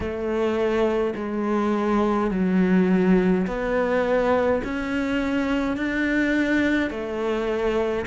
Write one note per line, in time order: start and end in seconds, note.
0.00 1.13 A3
1.15 2.30 G#3
2.31 3.46 F#3
3.46 4.62 B3
4.64 5.76 C#4
5.76 6.90 D4
6.90 8.05 A3